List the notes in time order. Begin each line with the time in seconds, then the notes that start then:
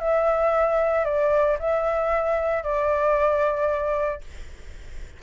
0.00 E5
1.05 D5
1.60 E5
2.64 D5